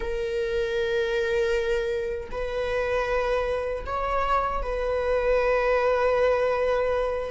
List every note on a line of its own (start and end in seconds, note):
0.00 2.29 A#4
2.31 3.85 B4
3.85 4.62 C#5
4.62 7.31 B4